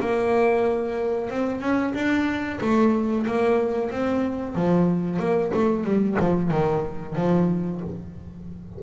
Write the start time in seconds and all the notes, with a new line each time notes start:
0.00 A#3
1.30 C4
1.61 C#4
1.94 D4
2.61 A3
3.27 A#3
3.91 C4
4.55 F3
5.19 A#3
5.54 A3
5.84 G3
6.20 F3
6.51 D#3
7.16 F3